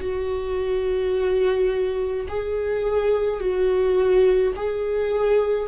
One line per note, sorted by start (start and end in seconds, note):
0.00 2.26 F#4
2.28 3.40 G#4
3.40 4.53 F#4
4.56 5.68 G#4